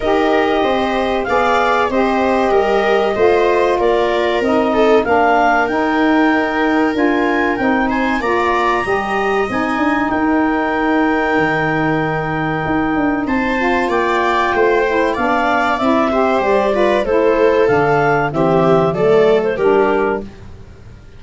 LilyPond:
<<
  \new Staff \with { instrumentName = "clarinet" } { \time 4/4 \tempo 4 = 95 dis''2 f''4 dis''4~ | dis''2 d''4 dis''4 | f''4 g''2 gis''4 | g''8 gis''8 ais''2 gis''4 |
g''1~ | g''4 a''4 g''2 | f''4 e''4 d''4 c''4 | f''4 e''4 d''8. c''16 ais'4 | }
  \new Staff \with { instrumentName = "viola" } { \time 4/4 ais'4 c''4 d''4 c''4 | ais'4 c''4 ais'4. a'8 | ais'1~ | ais'8 c''8 d''4 dis''2 |
ais'1~ | ais'4 c''4 d''4 c''4 | d''4. c''4 b'8 a'4~ | a'4 g'4 a'4 g'4 | }
  \new Staff \with { instrumentName = "saxophone" } { \time 4/4 g'2 gis'4 g'4~ | g'4 f'2 dis'4 | d'4 dis'2 f'4 | dis'4 f'4 g'4 dis'4~ |
dis'1~ | dis'4. f'2 e'8 | d'4 e'8 g'4 f'8 e'4 | d'4 c'4 a4 d'4 | }
  \new Staff \with { instrumentName = "tuba" } { \time 4/4 dis'4 c'4 b4 c'4 | g4 a4 ais4 c'4 | ais4 dis'2 d'4 | c'4 ais4 g4 c'8 d'8 |
dis'2 dis2 | dis'8 d'8 c'4 ais4 a4 | b4 c'4 g4 a4 | d4 e4 fis4 g4 | }
>>